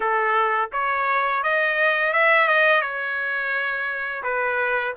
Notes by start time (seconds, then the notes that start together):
0.00 A4
0.72 C#5
1.43 D#5
2.13 E5
2.48 D#5
2.81 C#5
4.23 B4